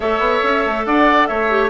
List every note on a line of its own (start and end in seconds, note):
0.00 0.19 A3
0.00 1.48 A4
0.00 0.86 C#5
0.00 0.85 E5
0.19 0.40 B3
0.43 0.65 C#4
0.66 0.86 A3
0.85 1.29 D4
0.85 1.28 D5
0.85 1.27 F#5
1.27 1.70 A3
1.27 1.70 C#5
1.27 1.70 E5
1.49 1.70 G4